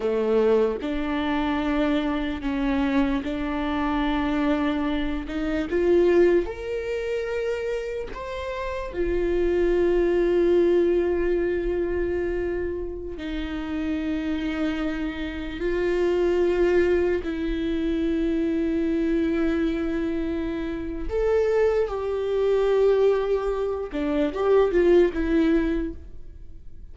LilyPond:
\new Staff \with { instrumentName = "viola" } { \time 4/4 \tempo 4 = 74 a4 d'2 cis'4 | d'2~ d'8 dis'8 f'4 | ais'2 c''4 f'4~ | f'1~ |
f'16 dis'2. f'8.~ | f'4~ f'16 e'2~ e'8.~ | e'2 a'4 g'4~ | g'4. d'8 g'8 f'8 e'4 | }